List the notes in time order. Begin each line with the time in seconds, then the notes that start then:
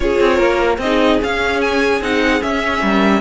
0.00 C#4 F4 G#4 C#5
0.19 C4
0.36 A#3 A#4
0.78 C4 D#4 D#5
0.84 G#4
1.20 C#4 F5
1.61 G#5
2.00 C4 D#4 F#5
2.39 C#4 E5
2.82 G3 A#4